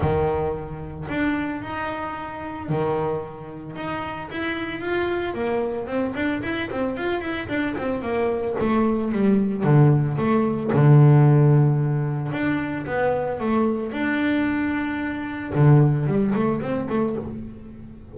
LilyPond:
\new Staff \with { instrumentName = "double bass" } { \time 4/4 \tempo 4 = 112 dis2 d'4 dis'4~ | dis'4 dis2 dis'4 | e'4 f'4 ais4 c'8 d'8 | e'8 c'8 f'8 e'8 d'8 c'8 ais4 |
a4 g4 d4 a4 | d2. d'4 | b4 a4 d'2~ | d'4 d4 g8 a8 c'8 a8 | }